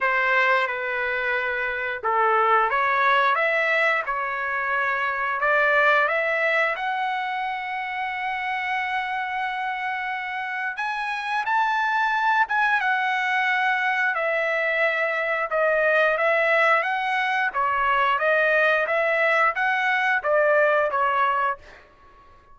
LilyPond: \new Staff \with { instrumentName = "trumpet" } { \time 4/4 \tempo 4 = 89 c''4 b'2 a'4 | cis''4 e''4 cis''2 | d''4 e''4 fis''2~ | fis''1 |
gis''4 a''4. gis''8 fis''4~ | fis''4 e''2 dis''4 | e''4 fis''4 cis''4 dis''4 | e''4 fis''4 d''4 cis''4 | }